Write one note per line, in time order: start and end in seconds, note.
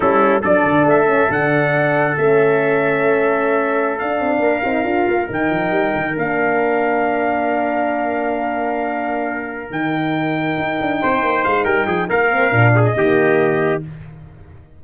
0.00 0.43 G3
0.00 0.41 C#4
0.00 0.41 E4
0.00 0.43 A4
0.41 0.64 F#3
0.41 1.06 D4
0.41 4.40 A4
0.41 0.87 D5
0.64 0.84 D3
0.84 1.28 A3
0.84 1.31 E5
1.06 1.27 C#4
1.29 2.16 D3
1.29 2.17 D4
1.29 2.17 F#5
2.17 4.01 A3
2.17 4.00 C#4
2.17 3.99 E5
3.99 4.20 D4
3.99 4.63 D4
3.99 5.28 F5
4.20 4.39 C4
4.39 4.61 A#3
4.39 10.99 A#4
4.63 4.84 C4
4.63 4.84 D#4
4.84 5.05 D4
4.84 5.27 F4
5.07 5.29 A#3
5.27 5.50 D#3
5.27 6.13 D#4
5.27 6.17 G5
5.50 5.70 F3
5.70 5.92 G3
5.95 6.16 D#3
6.16 9.70 A#3
6.16 9.71 D4
6.16 9.72 F5
9.70 10.56 D#3
9.70 12.30 D#4
9.70 11.44 G5
10.58 10.79 D#4
10.81 11.02 D4
11.01 11.23 C4
11.01 11.64 C5
11.23 11.44 A#3
11.44 11.64 G#3
11.44 11.65 F5
11.64 11.86 G3
11.64 11.86 A#4
11.64 12.08 G5
11.86 12.07 F3
11.86 12.08 G#4
12.09 12.52 A#3
12.09 12.74 A#4
12.09 12.84 F5
12.30 12.50 C4
12.50 12.95 A#2
12.50 12.93 D4
12.75 12.97 G#4
12.84 13.81 D#5
12.94 13.82 D#3
12.94 13.80 A#3
12.94 13.83 G4